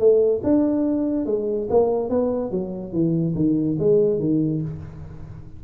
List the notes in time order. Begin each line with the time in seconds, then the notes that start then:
0.00 A3
0.44 D4
1.26 G#3
1.70 A#3
2.10 B3
2.52 F#3
2.93 E3
3.35 D#3
3.80 G#3
4.20 D#3